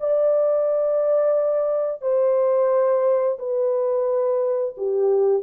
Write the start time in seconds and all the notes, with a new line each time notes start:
0.00 D5
2.02 C5
3.39 B4
4.78 G4